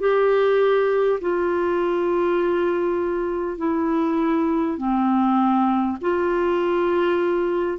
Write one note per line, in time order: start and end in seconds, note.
0.00 1.20 G4
1.21 3.58 F4
3.58 4.78 E4
4.78 5.98 C4
6.02 7.79 F4